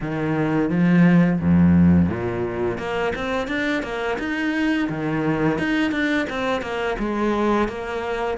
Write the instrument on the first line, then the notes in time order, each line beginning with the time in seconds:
cello
0.01 D#3
0.70 F3
1.40 F2
2.09 A#2
2.77 A#3
3.15 C4
3.47 D4
3.82 A#3
4.18 D#4
4.89 D#3
5.58 D#4
5.91 D4
6.29 C4
6.61 A#3
6.98 G#3
7.68 A#3